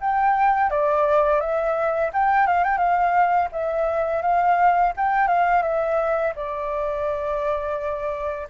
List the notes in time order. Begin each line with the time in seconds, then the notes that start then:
0.00 G5
0.70 D5
1.40 E5
2.13 G5
2.46 F5
2.64 G5
2.77 F5
3.52 E5
4.22 F5
4.97 G5
5.27 F5
5.62 E5
6.35 D5